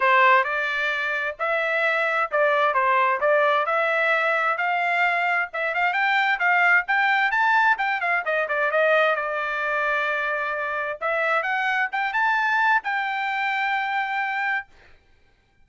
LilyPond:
\new Staff \with { instrumentName = "trumpet" } { \time 4/4 \tempo 4 = 131 c''4 d''2 e''4~ | e''4 d''4 c''4 d''4 | e''2 f''2 | e''8 f''8 g''4 f''4 g''4 |
a''4 g''8 f''8 dis''8 d''8 dis''4 | d''1 | e''4 fis''4 g''8 a''4. | g''1 | }